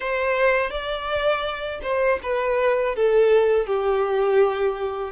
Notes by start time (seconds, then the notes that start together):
0.00 C5
0.70 D5
1.82 C5
2.23 B4
2.95 A4
3.66 G4